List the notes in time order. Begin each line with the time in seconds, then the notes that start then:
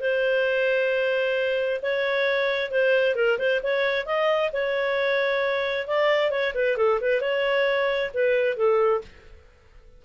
0.00 C5
1.82 C#5
2.71 C5
3.15 A#4
3.38 C5
3.63 C#5
4.06 D#5
4.52 C#5
5.87 D5
6.30 C#5
6.54 B4
6.77 A4
7.01 B4
7.21 C#5
8.14 B4
8.56 A4